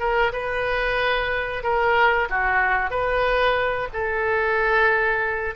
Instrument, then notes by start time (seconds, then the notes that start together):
oboe
0.00 A#4
0.33 B4
1.64 A#4
2.30 F#4
2.91 B4
3.94 A4